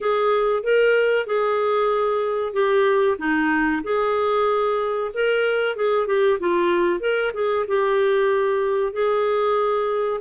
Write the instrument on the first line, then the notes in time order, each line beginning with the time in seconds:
clarinet
0.00 G#4
0.63 A#4
1.26 G#4
2.53 G4
3.18 D#4
3.83 G#4
5.14 A#4
5.76 G#4
6.06 G4
6.39 F4
7.00 A#4
7.33 G#4
7.67 G4
8.92 G#4